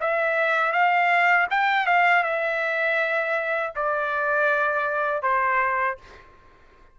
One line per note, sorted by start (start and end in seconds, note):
0.00 0.72 E5
0.72 1.47 F5
1.50 1.86 G5
1.86 2.23 F5
2.23 3.73 E5
3.75 5.22 D5
5.22 5.97 C5